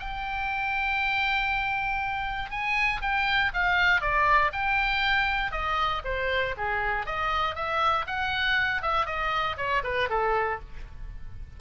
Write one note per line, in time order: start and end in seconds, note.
0.00 2.51 G5
2.51 3.02 G#5
3.02 3.52 G5
3.54 4.02 F5
4.02 4.52 D5
4.53 5.52 G5
5.52 6.03 D#5
6.05 6.55 C5
6.58 7.06 G#4
7.06 7.56 D#5
7.56 8.06 E5
8.07 8.83 F#5
8.83 9.06 E5
9.06 9.57 D#5
9.58 9.83 C#5
9.84 10.09 B4
10.10 10.60 A4